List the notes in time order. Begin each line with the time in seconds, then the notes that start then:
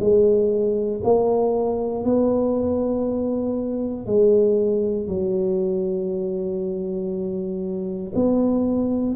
0.00 G#3
1.04 A#3
2.04 B3
4.06 G#3
5.08 F#3
8.15 B3